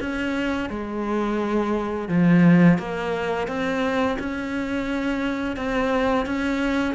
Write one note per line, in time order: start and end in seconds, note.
0.00 0.69 C#4
0.69 2.08 G#3
2.08 2.78 F3
2.78 3.48 A#3
3.48 4.17 C4
4.19 5.57 C#4
5.57 6.26 C4
6.26 6.95 C#4